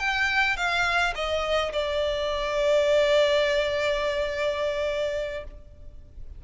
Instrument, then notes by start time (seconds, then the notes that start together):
violin
0.00 G5
0.57 F5
1.15 D#5
1.73 D5